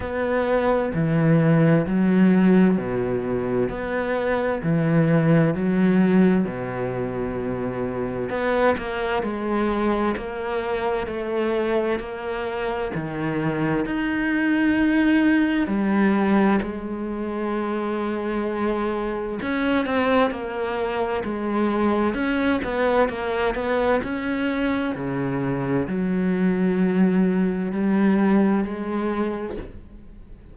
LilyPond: \new Staff \with { instrumentName = "cello" } { \time 4/4 \tempo 4 = 65 b4 e4 fis4 b,4 | b4 e4 fis4 b,4~ | b,4 b8 ais8 gis4 ais4 | a4 ais4 dis4 dis'4~ |
dis'4 g4 gis2~ | gis4 cis'8 c'8 ais4 gis4 | cis'8 b8 ais8 b8 cis'4 cis4 | fis2 g4 gis4 | }